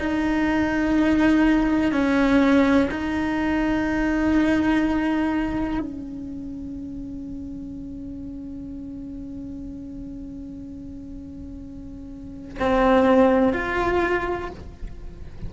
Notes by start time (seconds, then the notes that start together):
0.00 D#4
1.92 C#4
2.91 D#4
5.80 C#4
12.60 C4
13.54 F4